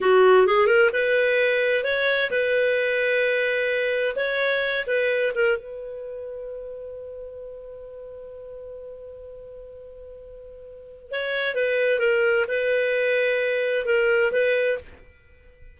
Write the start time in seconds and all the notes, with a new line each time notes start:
0.00 F#4
0.46 G#4
0.67 A#4
0.92 B4
1.84 C#5
2.31 B4
4.15 C#5
4.86 B4
5.35 A#4
5.57 B4
11.11 C#5
11.54 B4
11.99 A#4
12.48 B4
13.85 A#4
14.31 B4